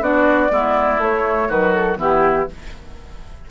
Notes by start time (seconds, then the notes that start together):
0.00 B3 D4 F#4 D5
0.49 G#3 B3 E4
0.98 A3 C#5
1.04 A3
1.48 D#3 F#3 F#4 B4
1.73 A4
1.97 E3 B3 E4 G4